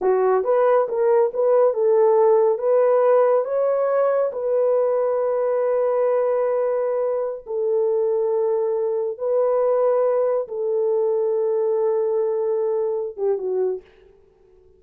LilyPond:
\new Staff \with { instrumentName = "horn" } { \time 4/4 \tempo 4 = 139 fis'4 b'4 ais'4 b'4 | a'2 b'2 | cis''2 b'2~ | b'1~ |
b'4~ b'16 a'2~ a'8.~ | a'4~ a'16 b'2~ b'8.~ | b'16 a'2.~ a'8.~ | a'2~ a'8 g'8 fis'4 | }